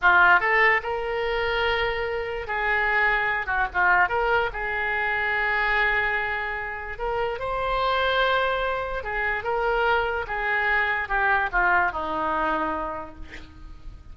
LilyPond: \new Staff \with { instrumentName = "oboe" } { \time 4/4 \tempo 4 = 146 f'4 a'4 ais'2~ | ais'2 gis'2~ | gis'8 fis'8 f'4 ais'4 gis'4~ | gis'1~ |
gis'4 ais'4 c''2~ | c''2 gis'4 ais'4~ | ais'4 gis'2 g'4 | f'4 dis'2. | }